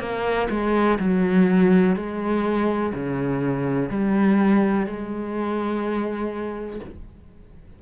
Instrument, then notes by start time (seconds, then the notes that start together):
cello
0.00 A#3
0.51 G#3
1.00 F#3
1.96 G#3
2.94 C#3
3.90 G3
4.87 G#3